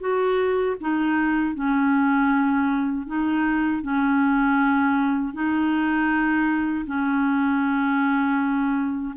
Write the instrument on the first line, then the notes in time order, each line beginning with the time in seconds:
clarinet
0.00 F#4
0.81 D#4
1.55 C#4
3.07 D#4
3.82 C#4
5.34 D#4
6.86 C#4